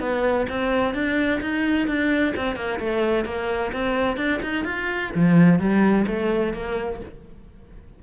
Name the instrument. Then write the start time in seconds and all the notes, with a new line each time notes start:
cello
0.00 B3
0.49 C4
0.94 D4
1.41 D#4
1.87 D4
2.36 C4
2.56 A#3
2.79 A3
3.25 A#3
3.73 C4
4.17 D4
4.42 D#4
4.65 F4
5.15 F3
5.59 G3
6.07 A3
6.53 A#3